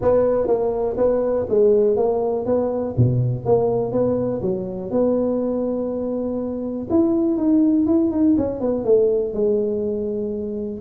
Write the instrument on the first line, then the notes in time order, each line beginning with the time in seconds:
tuba
0.01 B3
0.47 A#3
0.97 B3
1.49 G#3
1.96 A#3
2.45 B3
2.96 B2
3.45 A#3
3.92 B3
4.41 F#3
4.90 B3
6.90 E4
7.37 D#4
7.86 E4
8.11 D#4
8.37 C#4
8.60 B3
8.84 A3
9.33 G#3